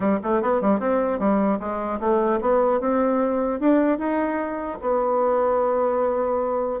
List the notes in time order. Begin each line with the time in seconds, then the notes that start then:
0.00 G3
0.23 A3
0.42 B3
0.61 G3
0.79 C4
1.19 G3
1.59 G#3
1.99 A3
2.40 B3
2.80 C4
3.59 D4
3.98 D#4
4.81 B3